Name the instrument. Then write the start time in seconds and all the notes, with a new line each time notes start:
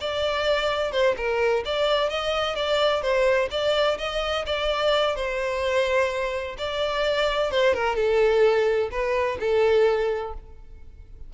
violin
0.00 D5
0.91 C5
1.16 A#4
1.65 D5
2.09 D#5
2.55 D5
3.01 C5
3.50 D5
3.98 D#5
4.46 D5
5.15 C5
6.57 D5
7.51 C5
7.74 A#4
7.95 A4
8.91 B4
9.39 A4